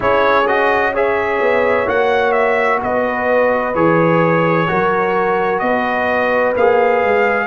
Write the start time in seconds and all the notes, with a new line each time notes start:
0.00 C#4 E4 G#4 C#5
0.47 F#4 D#5
0.93 G#4 C#5 E5
1.40 B3
1.86 A#3 F#4 F#5
2.31 E5
2.81 B3 B4 D#5
3.74 E3 G#4 C#5
4.67 F#3 F#4 A#4
5.59 B3 B4 D#5
6.56 A#3 G#4 F5
7.03 G#3